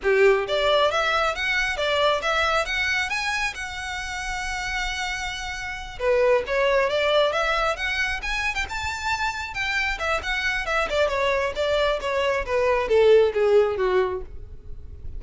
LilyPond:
\new Staff \with { instrumentName = "violin" } { \time 4/4 \tempo 4 = 135 g'4 d''4 e''4 fis''4 | d''4 e''4 fis''4 gis''4 | fis''1~ | fis''4. b'4 cis''4 d''8~ |
d''8 e''4 fis''4 gis''8. g''16 a''8~ | a''4. g''4 e''8 fis''4 | e''8 d''8 cis''4 d''4 cis''4 | b'4 a'4 gis'4 fis'4 | }